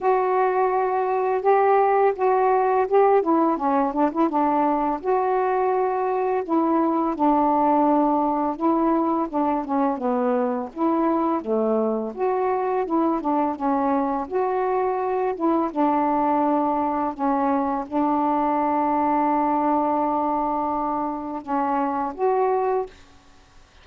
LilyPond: \new Staff \with { instrumentName = "saxophone" } { \time 4/4 \tempo 4 = 84 fis'2 g'4 fis'4 | g'8 e'8 cis'8 d'16 e'16 d'4 fis'4~ | fis'4 e'4 d'2 | e'4 d'8 cis'8 b4 e'4 |
a4 fis'4 e'8 d'8 cis'4 | fis'4. e'8 d'2 | cis'4 d'2.~ | d'2 cis'4 fis'4 | }